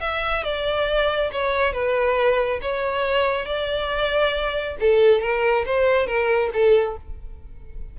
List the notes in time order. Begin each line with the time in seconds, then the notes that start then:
0.00 E5
0.43 D5
1.32 C#5
1.73 B4
2.61 C#5
3.45 D5
4.80 A4
5.21 A#4
5.65 C5
6.06 A#4
6.53 A4